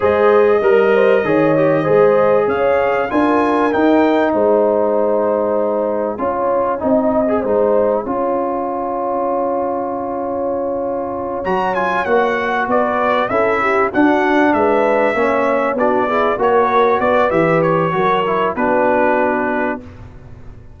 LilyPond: <<
  \new Staff \with { instrumentName = "trumpet" } { \time 4/4 \tempo 4 = 97 dis''1 | f''4 gis''4 g''4 gis''4~ | gis''1~ | gis''1~ |
gis''2~ gis''8 ais''8 gis''8 fis''8~ | fis''8 d''4 e''4 fis''4 e''8~ | e''4. d''4 cis''4 d''8 | e''8 cis''4. b'2 | }
  \new Staff \with { instrumentName = "horn" } { \time 4/4 c''4 ais'8 c''8 cis''4 c''4 | cis''4 ais'2 c''4~ | c''2 cis''4 dis''4 | c''4 cis''2.~ |
cis''1~ | cis''8 b'4 a'8 g'8 fis'4 b'8~ | b'8 cis''4 fis'8 gis'8 ais'4 b'8~ | b'4 ais'4 fis'2 | }
  \new Staff \with { instrumentName = "trombone" } { \time 4/4 gis'4 ais'4 gis'8 g'8 gis'4~ | gis'4 f'4 dis'2~ | dis'2 f'4 dis'8. gis'16 | dis'4 f'2.~ |
f'2~ f'8 fis'8 f'8 fis'8~ | fis'4. e'4 d'4.~ | d'8 cis'4 d'8 e'8 fis'4. | g'4 fis'8 e'8 d'2 | }
  \new Staff \with { instrumentName = "tuba" } { \time 4/4 gis4 g4 dis4 gis4 | cis'4 d'4 dis'4 gis4~ | gis2 cis'4 c'4 | gis4 cis'2.~ |
cis'2~ cis'8 fis4 ais8~ | ais8 b4 cis'4 d'4 gis8~ | gis8 ais4 b4 ais4 b8 | e4 fis4 b2 | }
>>